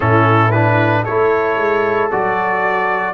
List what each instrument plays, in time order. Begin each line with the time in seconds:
0.00 tuba A2, trombone C#4, horn E4, trumpet A4
0.51 trombone D4, trumpet B4
1.02 trombone E4, horn A4, trumpet C#5
1.09 tuba A3
1.57 tuba G#3
2.11 tuba F#3, trombone F#4, trumpet D5